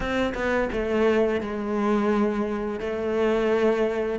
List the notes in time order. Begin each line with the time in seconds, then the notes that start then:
0.00 C4
0.34 B3
0.72 A3
1.40 G#3
2.80 A3